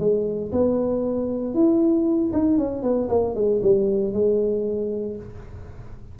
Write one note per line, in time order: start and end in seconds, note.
0.00 0.52 G#3
0.52 1.55 B3
1.55 2.32 E4
2.34 2.58 D#4
2.58 2.83 C#4
2.83 3.09 B3
3.10 3.36 A#3
3.36 3.61 G#3
3.63 4.13 G3
4.13 5.17 G#3